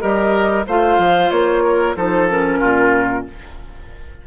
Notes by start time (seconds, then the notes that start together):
0.00 G3 G4 A#4 D#5
0.67 A3 F4 C5 F5
0.98 F3
1.30 A#3 C#5
1.64 A#4
1.96 F3 D#4 A4 C5
2.29 C#4 A#4
2.59 A#2 F4